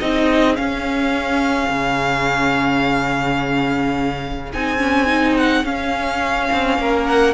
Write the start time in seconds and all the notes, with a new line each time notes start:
0.00 C4 D#4 G#4 D#5
0.56 C#4 F5
1.70 C#3
4.53 C4 D#4 G#5
4.79 C#4
5.07 D#4
5.38 F#5
5.65 C#4 F5
6.53 C4
6.79 A#3 A#4
7.06 F#5